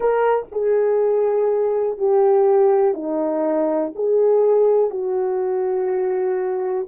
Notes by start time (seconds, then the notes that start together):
0.00 A#4
0.51 G#4
1.98 G4
2.94 D#4
3.95 G#4
4.90 F#4